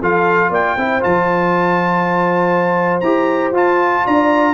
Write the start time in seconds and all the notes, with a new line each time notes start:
0.00 F3 F4 A4 F5
0.49 A#3 D5 G5
0.76 C4 E4 C5
1.00 F3 F4 A5
3.01 E4 G4 A#5
3.52 F4 A5
4.04 D4 D5 A#5